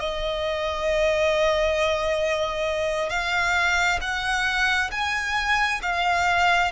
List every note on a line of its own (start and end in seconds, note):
0.00 3.10 D#5
3.10 4.00 F5
4.01 4.91 F#5
4.92 5.81 G#5
5.82 6.72 F5